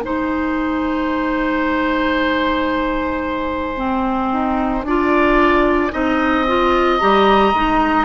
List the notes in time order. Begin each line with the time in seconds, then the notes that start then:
0.00 G#3 D#4 C5 G#5
3.76 C4
4.32 D#4
4.84 D4 F4 D5
5.91 C4 D#4 D#5
6.47 F4
6.98 G3 G4 A#5
7.53 G#3 D#4